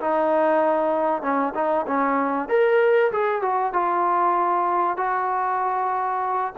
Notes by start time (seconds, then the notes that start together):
0.00 D#4
1.22 C#4
1.55 D#4
1.87 C#4
2.49 A#4
3.12 G#4
3.42 F#4
3.73 F4
4.97 F#4